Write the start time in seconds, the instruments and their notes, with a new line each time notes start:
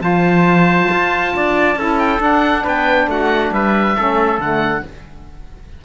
0.00 cello F3, saxophone F4, trumpet C5, oboe A5
0.91 cello F4
1.36 cello D4, trumpet D5
1.76 cello C#4, saxophone E4, trumpet A4
1.99 oboe G5
2.19 saxophone D4, cello D4, oboe F#5
2.64 cello B3, trumpet B4, oboe G5
3.08 cello A3, trumpet F#4, oboe F#5
3.53 cello G3, trumpet B4, oboe E5
3.97 cello A3, saxophone C#4, trumpet A4
4.39 cello D3, saxophone A3, oboe F#5